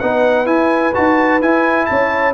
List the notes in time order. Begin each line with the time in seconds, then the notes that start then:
0.00 B3 D#4 B4 F#5
0.46 E4 G#5
0.95 D#4 F#4 A5
1.42 E4 G#5
1.86 C#4 C#5 A5